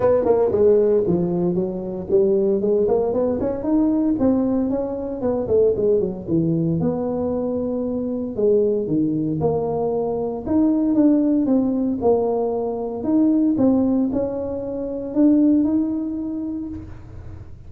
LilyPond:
\new Staff \with { instrumentName = "tuba" } { \time 4/4 \tempo 4 = 115 b8 ais8 gis4 f4 fis4 | g4 gis8 ais8 b8 cis'8 dis'4 | c'4 cis'4 b8 a8 gis8 fis8 | e4 b2. |
gis4 dis4 ais2 | dis'4 d'4 c'4 ais4~ | ais4 dis'4 c'4 cis'4~ | cis'4 d'4 dis'2 | }